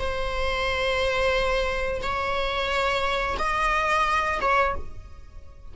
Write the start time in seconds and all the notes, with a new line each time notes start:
0.00 C5
2.03 C#5
3.39 D#5
4.42 C#5